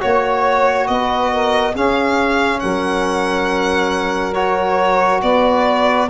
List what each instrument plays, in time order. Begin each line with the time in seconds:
0.00 tuba A#3, trombone F#4, saxophone C#5, violin C#5
0.88 tuba B3, saxophone B4, violin D#5
1.32 saxophone A#4
1.72 trombone C#4, tuba C#4, saxophone G#4, violin F5
2.60 tuba F#3, saxophone A#4, violin F#5
4.34 trombone F#4, violin C#5
5.22 tuba B3, saxophone B4, violin D5